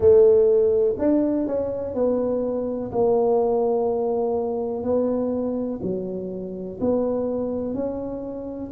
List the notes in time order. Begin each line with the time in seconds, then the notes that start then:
0.00 A3
0.98 D4
1.46 C#4
1.94 B3
2.91 A#3
4.83 B3
5.82 F#3
6.80 B3
7.74 C#4